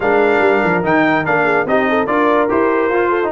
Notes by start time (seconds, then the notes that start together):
0.00 G#3 D4 A#4 F5
0.39 G3
0.64 F3
0.83 D#3 D#4 G5
1.24 A#3 D4 F5
1.43 G#4
1.65 C4 D#4 G4 D#5
1.89 A4
2.06 D4 F4 A#4 D5
2.48 E4 G4 C5
2.89 F4
3.09 A4
3.23 D#4